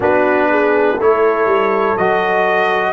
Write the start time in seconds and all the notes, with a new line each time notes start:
0.00 B3 D4 F#4 B4
0.50 G#4
0.96 A3 E4 A4 C#5
1.45 G3
1.97 F#3 F#4 D#5